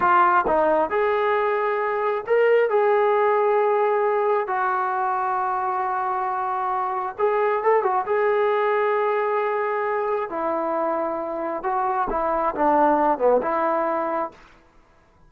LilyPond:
\new Staff \with { instrumentName = "trombone" } { \time 4/4 \tempo 4 = 134 f'4 dis'4 gis'2~ | gis'4 ais'4 gis'2~ | gis'2 fis'2~ | fis'1 |
gis'4 a'8 fis'8 gis'2~ | gis'2. e'4~ | e'2 fis'4 e'4 | d'4. b8 e'2 | }